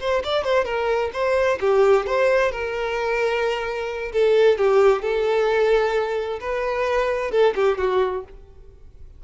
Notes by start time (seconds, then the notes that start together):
0.00 C5
0.24 D5
0.44 C5
0.65 A#4
1.13 C5
1.61 G4
2.07 C5
2.51 A#4
4.12 A4
4.58 G4
5.02 A4
6.40 B4
7.31 A4
7.55 G4
7.78 F#4